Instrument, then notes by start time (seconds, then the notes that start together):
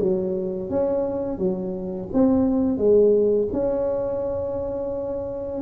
tuba
0.00 F#3
0.70 C#4
1.39 F#3
2.13 C4
2.78 G#3
3.53 C#4